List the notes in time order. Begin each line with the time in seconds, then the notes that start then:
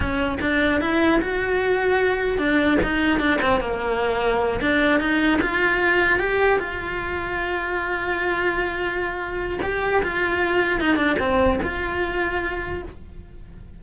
0.00 C#4
0.40 D4
0.80 E4
1.21 F#4
2.38 D4
2.83 D#4
3.19 D4
3.41 C4
3.60 A#3
4.60 D4
5.00 D#4
5.41 F4
6.19 G4
6.59 F4
9.62 G4
10.02 F4
10.80 D#4
10.96 D4
11.19 C4
11.62 F4